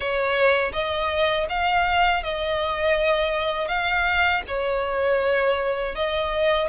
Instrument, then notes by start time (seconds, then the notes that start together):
violin
0.00 C#5
0.72 D#5
1.49 F5
2.23 D#5
3.67 F5
4.47 C#5
5.95 D#5